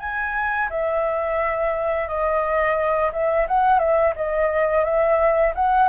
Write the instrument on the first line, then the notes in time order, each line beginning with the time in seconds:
flute
0.00 G#5
0.70 E5
2.08 D#5
3.13 E5
3.48 F#5
3.80 E5
4.16 D#5
4.85 E5
5.55 F#5